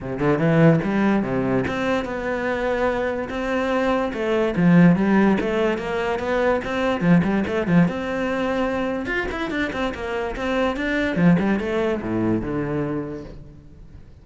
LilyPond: \new Staff \with { instrumentName = "cello" } { \time 4/4 \tempo 4 = 145 c8 d8 e4 g4 c4 | c'4 b2. | c'2 a4 f4 | g4 a4 ais4 b4 |
c'4 f8 g8 a8 f8 c'4~ | c'2 f'8 e'8 d'8 c'8 | ais4 c'4 d'4 f8 g8 | a4 a,4 d2 | }